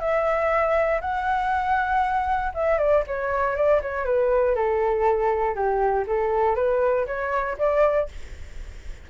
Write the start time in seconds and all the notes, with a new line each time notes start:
0.00 E5
1.01 F#5
2.55 E5
2.79 D5
3.07 C#5
3.56 D5
3.82 C#5
4.05 B4
4.56 A4
5.56 G4
6.07 A4
6.56 B4
7.07 C#5
7.58 D5